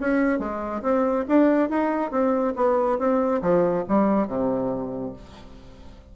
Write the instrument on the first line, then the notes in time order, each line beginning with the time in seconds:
bassoon
0.00 C#4
0.39 G#3
0.82 C4
1.28 D4
1.69 D#4
2.11 C4
2.56 B3
2.98 C4
3.42 F3
3.88 G3
4.27 C3